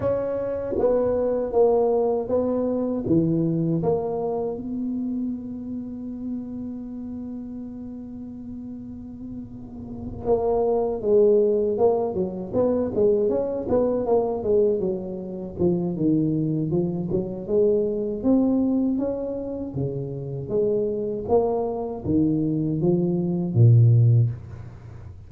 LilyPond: \new Staff \with { instrumentName = "tuba" } { \time 4/4 \tempo 4 = 79 cis'4 b4 ais4 b4 | e4 ais4 b2~ | b1~ | b4. ais4 gis4 ais8 |
fis8 b8 gis8 cis'8 b8 ais8 gis8 fis8~ | fis8 f8 dis4 f8 fis8 gis4 | c'4 cis'4 cis4 gis4 | ais4 dis4 f4 ais,4 | }